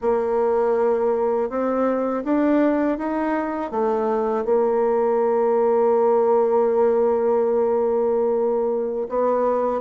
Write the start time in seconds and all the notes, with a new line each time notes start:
0.01 A#3
1.49 C4
2.24 D4
2.98 D#4
3.71 A3
4.44 A#3
9.08 B3